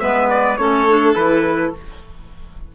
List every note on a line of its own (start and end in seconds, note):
0.00 0.58 G#3
0.00 0.57 B3
0.00 0.59 B4
0.00 0.29 E5
0.30 0.57 D5
0.57 1.15 A3
0.57 0.88 C#4
0.57 1.75 A4
0.57 1.14 C#5
0.89 1.16 D4
1.15 1.72 E3
1.15 1.73 E4
1.15 1.72 B4